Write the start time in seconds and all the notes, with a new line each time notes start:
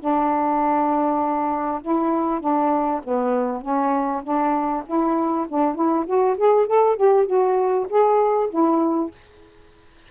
0.00 D4
1.82 E4
2.40 D4
3.04 B3
3.62 C#4
4.23 D4
4.87 E4
5.49 D4
5.75 E4
6.06 F#4
6.38 G#4
6.67 A4
6.96 G4
7.26 F#4
7.90 G#4
8.50 E4